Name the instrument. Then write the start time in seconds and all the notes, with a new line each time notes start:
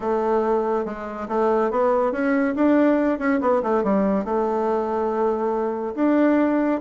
bassoon
0.00 A3
0.85 G#3
1.28 A3
1.70 B3
2.12 C#4
2.55 D4
3.18 C#4
3.40 B3
3.62 A3
3.83 G3
4.24 A3
5.95 D4